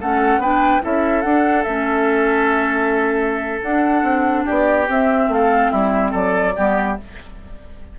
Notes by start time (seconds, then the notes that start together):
0.00 A3 C#4 A4 F#5
0.37 B3 D4 B4 G5
0.81 C#4 E4 A4 E5
1.21 D4 F#5
1.62 A3 C#4 E5
3.61 D4 F#5
4.02 C4
4.44 B3 G4 D5
4.87 C4 E5
5.28 A3 A4 F5
5.71 G3 E4 E5
6.11 F#3 A4 D5
6.56 G3 B3 G4